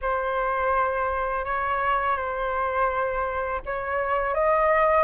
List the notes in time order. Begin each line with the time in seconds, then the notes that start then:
0.01 C5
1.45 C#5
2.17 C5
3.65 C#5
4.34 D#5